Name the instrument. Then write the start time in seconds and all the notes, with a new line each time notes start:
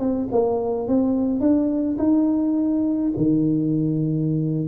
tuba
0.00 C4
0.32 A#3
0.88 C4
1.41 D4
1.99 D#4
3.17 D#3